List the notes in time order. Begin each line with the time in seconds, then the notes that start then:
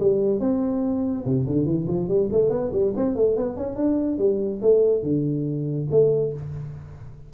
0.00 G3
0.40 C4
1.25 C3
1.47 D3
1.66 E3
1.88 F3
2.08 G3
2.32 A3
2.50 B3
2.72 G3
2.97 C4
3.16 A3
3.37 B3
3.57 C#4
3.76 D4
4.19 G3
4.62 A3
5.03 D3
5.91 A3